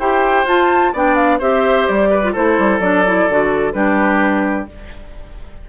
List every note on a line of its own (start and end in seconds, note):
0.00 0.45 E4
0.00 0.47 G4
0.00 0.93 C5
0.00 0.47 G5
0.45 0.92 F4
0.45 0.94 F4
0.45 0.95 A5
0.93 1.41 B3
0.93 1.41 D4
0.93 1.39 D5
0.93 1.16 G5
1.16 1.39 F5
1.39 1.88 C4
1.39 2.23 G4
1.39 2.10 C5
1.39 1.88 E5
1.88 2.36 G3
1.88 2.35 D5
2.11 2.33 B4
2.23 2.35 F4
2.33 2.59 A3
2.33 2.81 E4
2.33 3.73 A4
2.33 2.80 C5
2.59 2.80 G3
2.80 3.27 F#3
2.80 3.05 D4
2.80 3.73 D5
3.06 3.30 E4
3.30 3.75 D3
3.30 3.74 F#4
3.73 4.68 G3
3.73 4.67 D4
3.73 4.70 G4
3.73 4.67 B4